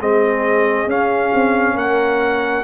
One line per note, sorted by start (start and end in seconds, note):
0.00 0.86 G#3
0.00 0.88 C4
0.00 1.76 G#4
0.00 0.90 D#5
0.86 1.31 C#4
0.86 2.64 C#4
0.86 1.77 F5
1.34 1.75 C4
1.75 2.63 A#3
1.75 2.64 A#4
1.75 2.64 F#5